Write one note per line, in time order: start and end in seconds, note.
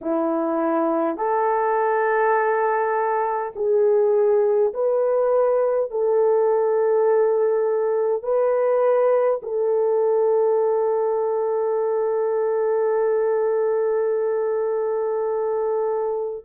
0.01 1.17 E4
1.17 3.52 A4
3.55 4.73 G#4
4.73 5.90 B4
5.90 8.22 A4
8.22 9.40 B4
9.42 16.45 A4